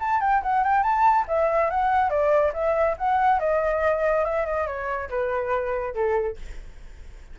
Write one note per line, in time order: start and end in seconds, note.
0.00 0.21 A5
0.21 0.42 G5
0.43 0.64 F#5
0.64 0.83 G5
0.83 1.25 A5
1.28 1.70 E5
1.70 2.10 F#5
2.10 2.52 D5
2.54 2.96 E5
2.98 3.39 F#5
3.39 4.25 D#5
4.25 4.46 E5
4.46 4.67 D#5
4.67 5.09 C#5
5.09 5.94 B4
5.94 6.37 A4